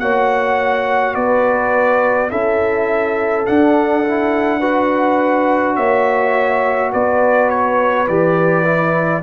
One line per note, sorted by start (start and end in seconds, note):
0.00 1.16 A#3
0.00 2.31 F#4
0.00 1.16 C#5
0.00 1.15 F#5
1.15 2.31 B3
1.15 2.31 B4
1.15 2.31 D5
2.31 3.48 C#4
2.31 3.47 E4
2.31 4.60 A4
2.31 3.46 E5
3.47 4.05 D4
3.47 5.78 D4
3.47 5.76 F#5
4.06 4.61 E4
4.60 8.07 F#4
4.60 5.76 B4
5.76 6.93 A#3
5.76 6.92 C#5
5.76 6.92 E5
6.93 8.08 B3
6.93 9.23 B4
6.93 7.50 D5
7.50 8.08 C#5
8.08 9.23 E3
8.08 8.65 G4
8.08 9.23 D5
8.65 9.22 E4